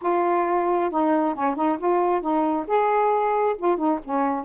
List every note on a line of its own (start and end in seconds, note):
0.01 0.90 F4
0.90 1.34 D#4
1.34 1.55 C#4
1.55 1.78 D#4
1.78 2.21 F4
2.21 2.65 D#4
2.67 3.56 G#4
3.58 3.77 F4
3.77 3.99 D#4
4.04 4.44 C#4